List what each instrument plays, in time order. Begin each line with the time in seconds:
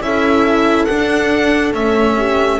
0.00 double bass C#4, cello E4, horn A4, violin E5
0.85 cello D4, double bass D4, violin F#5
1.73 double bass A3, cello C#4, violin E5
2.17 horn G4